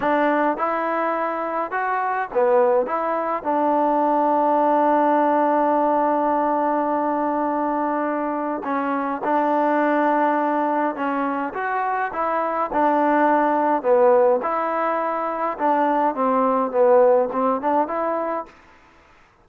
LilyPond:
\new Staff \with { instrumentName = "trombone" } { \time 4/4 \tempo 4 = 104 d'4 e'2 fis'4 | b4 e'4 d'2~ | d'1~ | d'2. cis'4 |
d'2. cis'4 | fis'4 e'4 d'2 | b4 e'2 d'4 | c'4 b4 c'8 d'8 e'4 | }